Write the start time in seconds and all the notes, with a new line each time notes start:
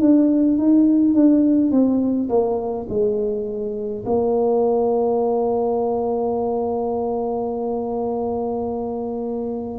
0.00 D4
0.57 D#4
1.14 D4
1.71 C4
2.29 A#3
2.89 G#3
4.05 A#3